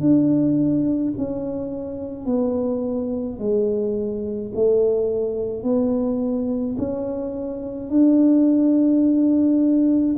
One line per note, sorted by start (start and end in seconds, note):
0.00 1.13 D4
1.17 2.25 C#4
2.25 3.39 B3
3.39 4.52 G#3
4.54 5.62 A3
5.62 6.76 B3
6.78 7.90 C#4
7.90 10.16 D4